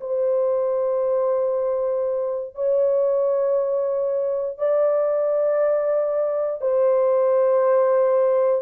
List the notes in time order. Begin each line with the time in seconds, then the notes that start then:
0.00 C5
2.55 C#5
4.58 D5
6.61 C5